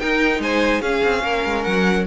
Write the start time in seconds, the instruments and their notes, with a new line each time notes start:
0.00 viola D#4, cello D#4, violin A#4 G5
0.39 cello G#3, violin C5 G#5
0.81 cello C#4, viola C#4, violin G#4 F5
1.04 cello C4
1.24 cello A#3, violin A#4
1.45 cello G#3
1.64 cello F#3, violin F#5